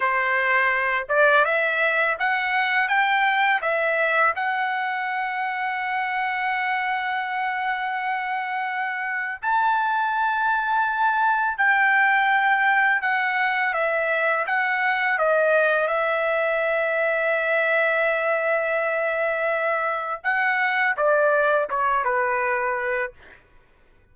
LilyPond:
\new Staff \with { instrumentName = "trumpet" } { \time 4/4 \tempo 4 = 83 c''4. d''8 e''4 fis''4 | g''4 e''4 fis''2~ | fis''1~ | fis''4 a''2. |
g''2 fis''4 e''4 | fis''4 dis''4 e''2~ | e''1 | fis''4 d''4 cis''8 b'4. | }